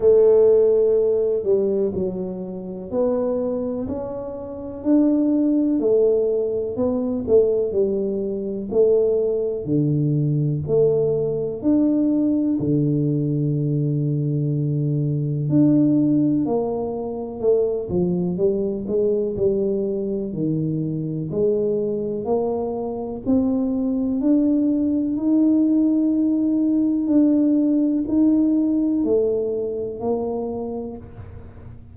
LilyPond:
\new Staff \with { instrumentName = "tuba" } { \time 4/4 \tempo 4 = 62 a4. g8 fis4 b4 | cis'4 d'4 a4 b8 a8 | g4 a4 d4 a4 | d'4 d2. |
d'4 ais4 a8 f8 g8 gis8 | g4 dis4 gis4 ais4 | c'4 d'4 dis'2 | d'4 dis'4 a4 ais4 | }